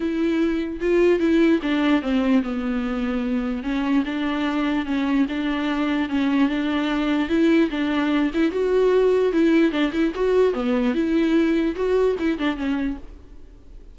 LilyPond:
\new Staff \with { instrumentName = "viola" } { \time 4/4 \tempo 4 = 148 e'2 f'4 e'4 | d'4 c'4 b2~ | b4 cis'4 d'2 | cis'4 d'2 cis'4 |
d'2 e'4 d'4~ | d'8 e'8 fis'2 e'4 | d'8 e'8 fis'4 b4 e'4~ | e'4 fis'4 e'8 d'8 cis'4 | }